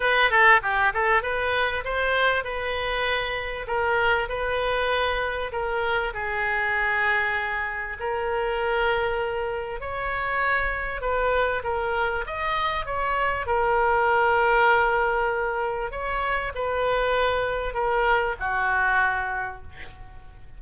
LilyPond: \new Staff \with { instrumentName = "oboe" } { \time 4/4 \tempo 4 = 98 b'8 a'8 g'8 a'8 b'4 c''4 | b'2 ais'4 b'4~ | b'4 ais'4 gis'2~ | gis'4 ais'2. |
cis''2 b'4 ais'4 | dis''4 cis''4 ais'2~ | ais'2 cis''4 b'4~ | b'4 ais'4 fis'2 | }